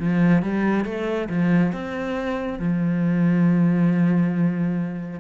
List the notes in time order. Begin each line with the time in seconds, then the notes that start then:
0.00 F3
0.43 G3
0.85 A3
1.30 F3
1.73 C4
2.60 F3